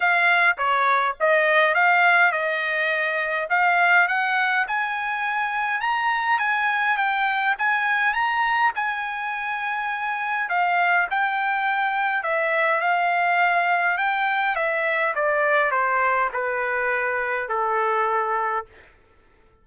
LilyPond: \new Staff \with { instrumentName = "trumpet" } { \time 4/4 \tempo 4 = 103 f''4 cis''4 dis''4 f''4 | dis''2 f''4 fis''4 | gis''2 ais''4 gis''4 | g''4 gis''4 ais''4 gis''4~ |
gis''2 f''4 g''4~ | g''4 e''4 f''2 | g''4 e''4 d''4 c''4 | b'2 a'2 | }